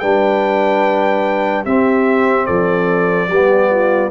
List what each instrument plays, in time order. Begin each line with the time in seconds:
0.00 tuba G3, trombone D4, horn B4, trumpet G5
1.65 trombone C4, tuba C4, horn G4, trumpet E5
2.46 tuba F3, horn A4, trumpet D5
3.29 tuba G3, trombone B3, horn G4
3.71 horn F4